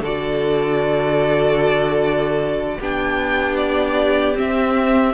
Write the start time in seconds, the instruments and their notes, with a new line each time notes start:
0.00 cello D3, viola F#4, violin A4 D5
2.78 cello B3, viola D4, violin G4 G5
3.56 violin D5
4.35 viola C4, cello C4, violin E5